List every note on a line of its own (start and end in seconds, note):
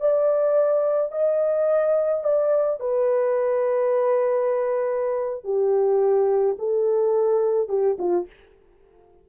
0.00 1.12 D5
1.12 2.24 D#5
2.24 2.80 D5
2.80 5.44 B4
5.44 6.56 G4
6.59 7.68 A4
7.68 7.97 G4
7.98 8.26 F4